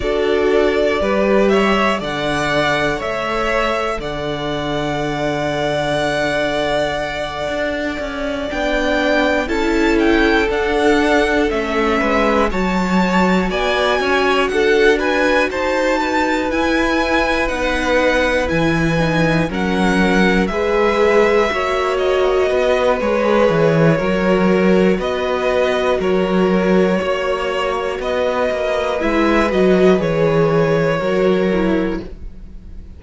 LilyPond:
<<
  \new Staff \with { instrumentName = "violin" } { \time 4/4 \tempo 4 = 60 d''4. e''8 fis''4 e''4 | fis''1~ | fis''8 g''4 a''8 g''8 fis''4 e''8~ | e''8 a''4 gis''4 fis''8 gis''8 a''8~ |
a''8 gis''4 fis''4 gis''4 fis''8~ | fis''8 e''4. dis''4 cis''4~ | cis''4 dis''4 cis''2 | dis''4 e''8 dis''8 cis''2 | }
  \new Staff \with { instrumentName = "violin" } { \time 4/4 a'4 b'8 cis''8 d''4 cis''4 | d''1~ | d''4. a'2~ a'8 | b'8 cis''4 d''8 cis''8 a'8 b'8 c''8 |
b'2.~ b'8 ais'8~ | ais'8 b'4 cis''4 b'4. | ais'4 b'4 ais'4 cis''4 | b'2. ais'4 | }
  \new Staff \with { instrumentName = "viola" } { \time 4/4 fis'4 g'4 a'2~ | a'1~ | a'8 d'4 e'4 d'4 cis'8~ | cis'8 fis'2.~ fis'8~ |
fis'8 e'4 dis'4 e'8 dis'8 cis'8~ | cis'8 gis'4 fis'4. gis'4 | fis'1~ | fis'4 e'8 fis'8 gis'4 fis'8 e'8 | }
  \new Staff \with { instrumentName = "cello" } { \time 4/4 d'4 g4 d4 a4 | d2.~ d8 d'8 | cis'8 b4 cis'4 d'4 a8 | gis8 fis4 b8 cis'8 d'4 dis'8~ |
dis'8 e'4 b4 e4 fis8~ | fis8 gis4 ais4 b8 gis8 e8 | fis4 b4 fis4 ais4 | b8 ais8 gis8 fis8 e4 fis4 | }
>>